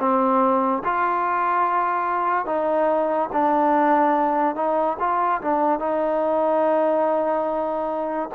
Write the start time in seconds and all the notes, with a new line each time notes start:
0.00 C4
0.85 F4
2.46 D#4
3.33 D4
4.56 D#4
5.00 F4
5.42 D4
5.80 D#4